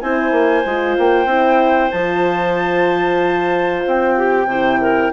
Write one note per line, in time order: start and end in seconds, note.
0.00 0.31 C4
0.00 0.65 E4
0.00 4.16 C5
0.00 0.96 G#5
0.31 0.63 A#3
0.65 0.97 G#3
0.65 1.27 F4
0.98 1.26 A#3
0.98 1.91 G5
1.26 1.89 C4
1.26 1.91 E4
1.91 3.84 F3
1.91 4.49 F4
1.91 3.82 A5
3.86 4.46 C4
3.86 5.12 G5
4.17 4.47 G4
4.46 5.10 C3
4.46 5.12 E4
4.46 4.79 C5
4.81 5.12 A#4